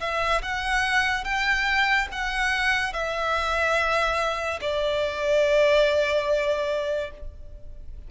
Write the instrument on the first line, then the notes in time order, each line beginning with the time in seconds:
violin
0.00 E5
0.42 F#5
1.24 G5
2.12 F#5
2.93 E5
4.61 D5